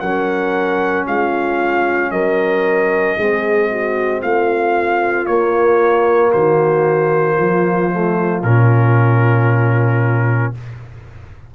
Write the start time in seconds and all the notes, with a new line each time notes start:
0.00 F#3 C#4 A#4 F#5
1.07 G#3 F4 F5
2.11 F#3 A#4 D#5
3.17 G#3 C4 G#4
3.71 F#4
4.22 A3 F4 F5
5.26 A#3 C#5
6.32 D#3 F#4 C5
7.37 F3 F4
7.91 A3
8.43 A#2 C#4 A#4